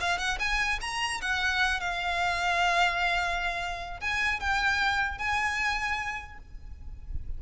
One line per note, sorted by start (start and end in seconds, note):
0.00 0.18 F5
0.18 0.38 F#5
0.39 0.79 G#5
0.81 1.21 A#5
1.21 1.80 F#5
1.80 4.00 F5
4.00 4.39 G#5
4.39 5.18 G5
5.18 6.38 G#5